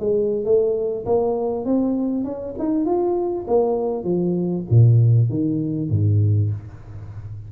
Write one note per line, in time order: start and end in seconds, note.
0.00 0.45 G#3
0.45 1.06 A3
1.06 1.66 A#3
1.66 2.25 C4
2.25 2.55 C#4
2.59 2.85 D#4
2.85 3.46 F4
3.48 4.04 A#3
4.04 4.65 F3
4.71 5.30 A#2
5.30 5.91 D#3
5.91 6.51 G#2